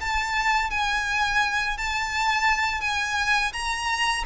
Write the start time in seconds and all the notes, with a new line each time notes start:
0.00 A5
0.70 G#5
1.77 A5
2.81 G#5
3.52 A#5